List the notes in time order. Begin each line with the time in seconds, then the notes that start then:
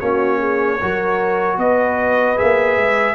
0.00 A#3 C#4 F#4 C#5
0.38 G#4
0.79 F#3 F#4 A#4
1.57 B3 B4 D#5
2.36 G#4 E5
2.42 A#3
2.76 G#3